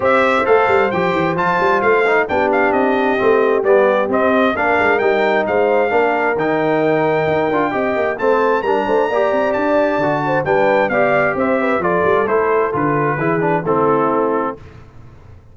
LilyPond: <<
  \new Staff \with { instrumentName = "trumpet" } { \time 4/4 \tempo 4 = 132 e''4 f''4 g''4 a''4 | f''4 g''8 f''8 dis''2 | d''4 dis''4 f''4 g''4 | f''2 g''2~ |
g''2 a''4 ais''4~ | ais''4 a''2 g''4 | f''4 e''4 d''4 c''4 | b'2 a'2 | }
  \new Staff \with { instrumentName = "horn" } { \time 4/4 c''1~ | c''4 g'2.~ | g'2 ais'2 | c''4 ais'2.~ |
ais'4 dis''4 c''4 ais'8 c''8 | d''2~ d''8 c''8 b'4 | d''4 c''8 b'8 a'2~ | a'4 gis'4 e'2 | }
  \new Staff \with { instrumentName = "trombone" } { \time 4/4 g'4 a'4 g'4 f'4~ | f'8 dis'8 d'2 c'4 | b4 c'4 d'4 dis'4~ | dis'4 d'4 dis'2~ |
dis'8 f'8 g'4 c'4 d'4 | g'2 fis'4 d'4 | g'2 f'4 e'4 | f'4 e'8 d'8 c'2 | }
  \new Staff \with { instrumentName = "tuba" } { \time 4/4 c'4 a8 g8 f8 e8 f8 g8 | a4 b4 c'4 a4 | g4 c'4 ais8 gis8 g4 | gis4 ais4 dis2 |
dis'8 d'8 c'8 ais8 a4 g8 a8 | ais8 c'8 d'4 d4 g4 | b4 c'4 f8 g8 a4 | d4 e4 a2 | }
>>